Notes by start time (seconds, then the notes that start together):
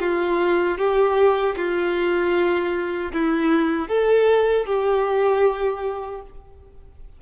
0.00 F4
0.78 G4
1.57 F4
3.13 E4
3.89 A4
4.66 G4